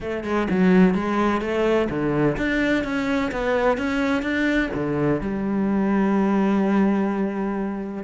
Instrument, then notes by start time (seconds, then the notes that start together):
cello
0.00 A3
0.24 G#3
0.49 F#3
0.94 G#3
1.41 A3
1.89 D3
2.37 D4
2.83 C#4
3.31 B3
3.77 C#4
4.22 D4
4.74 D3
5.21 G3